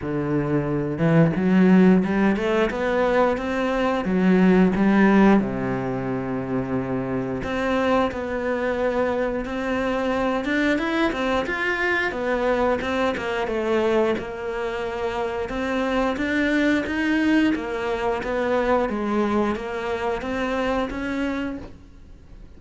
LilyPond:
\new Staff \with { instrumentName = "cello" } { \time 4/4 \tempo 4 = 89 d4. e8 fis4 g8 a8 | b4 c'4 fis4 g4 | c2. c'4 | b2 c'4. d'8 |
e'8 c'8 f'4 b4 c'8 ais8 | a4 ais2 c'4 | d'4 dis'4 ais4 b4 | gis4 ais4 c'4 cis'4 | }